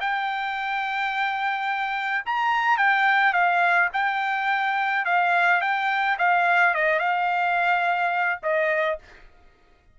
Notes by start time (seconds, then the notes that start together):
0.00 G5
2.25 A#5
2.77 G5
3.33 F5
3.93 G5
5.05 F5
5.61 G5
6.18 F5
6.74 D#5
6.99 F5
8.42 D#5